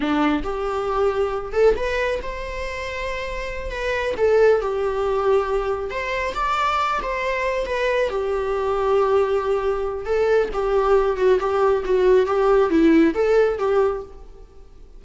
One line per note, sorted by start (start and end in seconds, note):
0.00 0.43 D4
0.43 1.52 G4
1.52 1.74 A4
1.76 2.20 B4
2.22 3.70 C5
3.70 4.14 B4
4.17 4.61 A4
4.61 5.90 G4
5.90 6.34 C5
6.34 7.00 D5
7.02 7.66 C5
7.66 8.09 B4
8.09 10.05 G4
10.05 10.49 A4
10.53 11.17 G4
11.17 11.38 F#4
11.39 11.83 G4
11.84 12.26 F#4
12.26 12.70 G4
12.70 13.13 E4
13.14 13.58 A4
13.58 14.02 G4